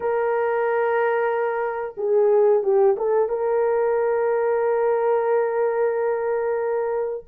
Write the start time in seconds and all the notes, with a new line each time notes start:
0.00 A#4
1.97 G#4
2.63 G4
2.96 A4
3.28 A#4